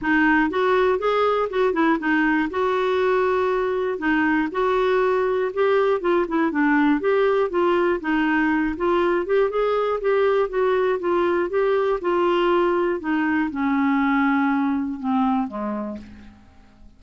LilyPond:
\new Staff \with { instrumentName = "clarinet" } { \time 4/4 \tempo 4 = 120 dis'4 fis'4 gis'4 fis'8 e'8 | dis'4 fis'2. | dis'4 fis'2 g'4 | f'8 e'8 d'4 g'4 f'4 |
dis'4. f'4 g'8 gis'4 | g'4 fis'4 f'4 g'4 | f'2 dis'4 cis'4~ | cis'2 c'4 gis4 | }